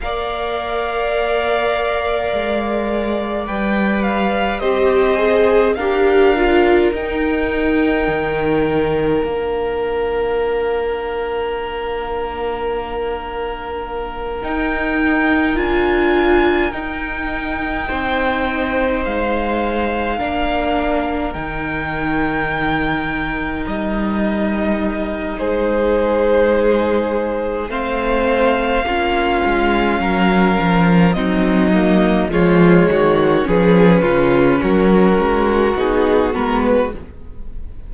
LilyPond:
<<
  \new Staff \with { instrumentName = "violin" } { \time 4/4 \tempo 4 = 52 f''2. g''8 f''8 | dis''4 f''4 g''2 | f''1~ | f''8 g''4 gis''4 g''4.~ |
g''8 f''2 g''4.~ | g''8 dis''4. c''2 | f''2. dis''4 | cis''4 b'4 ais'4 gis'8 ais'16 b'16 | }
  \new Staff \with { instrumentName = "violin" } { \time 4/4 d''1 | c''4 ais'2.~ | ais'1~ | ais'2.~ ais'8 c''8~ |
c''4. ais'2~ ais'8~ | ais'2 gis'2 | c''4 f'4 ais'4 dis'4 | f'8 fis'8 gis'8 f'8 fis'2 | }
  \new Staff \with { instrumentName = "viola" } { \time 4/4 ais'2. b'4 | g'8 gis'8 g'8 f'8 dis'2 | d'1~ | d'8 dis'4 f'4 dis'4.~ |
dis'4. d'4 dis'4.~ | dis'1 | c'4 cis'2 c'8 ais8 | gis4 cis'2 dis'8 b8 | }
  \new Staff \with { instrumentName = "cello" } { \time 4/4 ais2 gis4 g4 | c'4 d'4 dis'4 dis4 | ais1~ | ais8 dis'4 d'4 dis'4 c'8~ |
c'8 gis4 ais4 dis4.~ | dis8 g4. gis2 | a4 ais8 gis8 fis8 f8 fis4 | f8 dis8 f8 cis8 fis8 gis8 b8 gis8 | }
>>